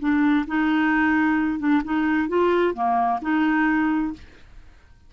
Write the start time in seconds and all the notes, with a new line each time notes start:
0.00 D4
0.47 D#4
1.59 D4
1.84 D#4
2.29 F4
2.74 A#3
3.22 D#4